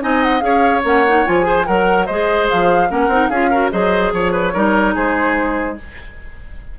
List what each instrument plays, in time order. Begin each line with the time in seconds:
0.00 bassoon C4, clarinet D#4, oboe D#5, flute G#5
0.23 flute F#5
0.40 bassoon C#4, clarinet G#4, oboe C#5, flute F5
0.84 bassoon A#3, clarinet C#4, flute F#5
1.07 clarinet D#4
1.26 bassoon F3, clarinet F4, flute G#5
1.42 clarinet G#4, oboe C5
1.67 bassoon F#3, oboe A#4, clarinet A#4, flute F#5
2.06 bassoon G#3, clarinet G#4, oboe C5, flute D#5
2.50 bassoon F3, flute F5
2.89 bassoon A#3, clarinet C#4, oboe A#4, flute F#5
3.08 bassoon C4, clarinet D#4
3.29 bassoon C#4, clarinet F4, oboe G#4, flute F5
3.50 clarinet F#4, oboe A#4
3.71 bassoon F#3, clarinet G#4, oboe C5, flute D#5
4.13 bassoon F3, oboe C#5, flute C#5
4.32 oboe B4
4.54 bassoon G3, clarinet D#4, oboe A#4
4.94 bassoon G#3, oboe G#4, flute C5